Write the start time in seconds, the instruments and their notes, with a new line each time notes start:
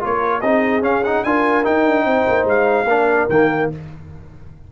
0.00 tuba A#3, trombone F4, horn A#4, trumpet C#5
0.41 tuba C4, trombone D#4, horn G#4, trumpet D#5
0.82 trombone C#4, tuba C#4, trumpet F5
1.04 trombone D#4, trumpet F#5
1.24 tuba D4, trombone F4, horn A#4, trumpet G#5
1.64 trombone D#4, tuba D#4, trumpet G5
1.85 tuba D4
2.05 tuba C4, horn C5
2.28 tuba A#3
2.45 tuba G#3, trumpet F5
2.85 tuba A#3, trombone D4, horn A#4
3.29 tuba D#3, trombone A#3, trumpet G5